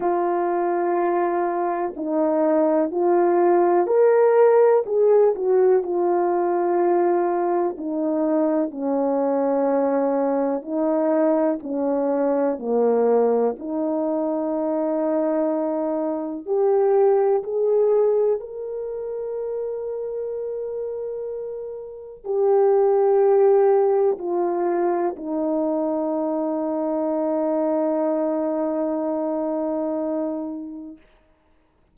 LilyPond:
\new Staff \with { instrumentName = "horn" } { \time 4/4 \tempo 4 = 62 f'2 dis'4 f'4 | ais'4 gis'8 fis'8 f'2 | dis'4 cis'2 dis'4 | cis'4 ais4 dis'2~ |
dis'4 g'4 gis'4 ais'4~ | ais'2. g'4~ | g'4 f'4 dis'2~ | dis'1 | }